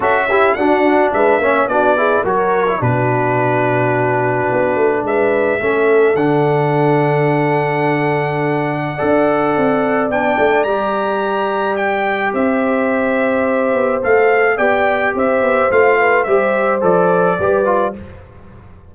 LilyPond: <<
  \new Staff \with { instrumentName = "trumpet" } { \time 4/4 \tempo 4 = 107 e''4 fis''4 e''4 d''4 | cis''4 b'2.~ | b'4 e''2 fis''4~ | fis''1~ |
fis''2 g''4 ais''4~ | ais''4 g''4 e''2~ | e''4 f''4 g''4 e''4 | f''4 e''4 d''2 | }
  \new Staff \with { instrumentName = "horn" } { \time 4/4 a'8 g'8 fis'4 b'8 cis''8 fis'8 gis'8 | ais'4 fis'2.~ | fis'4 b'4 a'2~ | a'1 |
d''1~ | d''2 c''2~ | c''2 d''4 c''4~ | c''8 b'8 c''2 b'4 | }
  \new Staff \with { instrumentName = "trombone" } { \time 4/4 fis'8 e'8 d'4. cis'8 d'8 e'8 | fis'8. e'16 d'2.~ | d'2 cis'4 d'4~ | d'1 |
a'2 d'4 g'4~ | g'1~ | g'4 a'4 g'2 | f'4 g'4 a'4 g'8 f'8 | }
  \new Staff \with { instrumentName = "tuba" } { \time 4/4 cis'4 d'4 gis8 ais8 b4 | fis4 b,2. | b8 a8 gis4 a4 d4~ | d1 |
d'4 c'4 b8 a8 g4~ | g2 c'2~ | c'8 b8 a4 b4 c'8 b8 | a4 g4 f4 g4 | }
>>